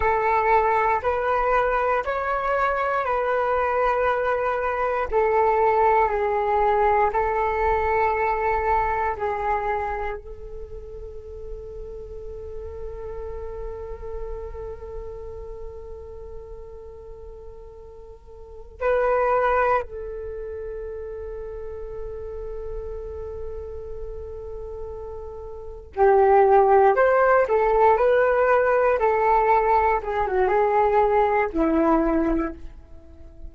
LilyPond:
\new Staff \with { instrumentName = "flute" } { \time 4/4 \tempo 4 = 59 a'4 b'4 cis''4 b'4~ | b'4 a'4 gis'4 a'4~ | a'4 gis'4 a'2~ | a'1~ |
a'2~ a'8 b'4 a'8~ | a'1~ | a'4. g'4 c''8 a'8 b'8~ | b'8 a'4 gis'16 fis'16 gis'4 e'4 | }